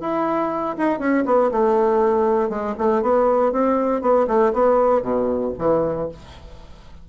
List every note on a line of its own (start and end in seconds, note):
0.00 0.76 E4
0.78 0.99 D#4
0.99 1.24 C#4
1.25 1.50 B3
1.51 2.49 A3
2.49 2.74 G#3
2.78 3.02 A3
3.02 3.52 B3
3.52 4.01 C4
4.01 4.27 B3
4.27 4.52 A3
4.53 5.02 B3
5.02 5.53 B2
5.58 6.08 E3